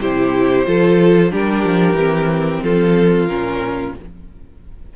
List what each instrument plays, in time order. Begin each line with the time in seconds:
0.00 cello C3, viola E4, violin G4 C5
0.66 cello F3, viola F4, violin A4
1.31 cello G3, viola D4, violin G4 A#4
1.65 cello F3
1.93 cello E3, viola C4
2.63 cello F3, violin F4 A4
3.28 cello A#2, viola C#4, violin A#4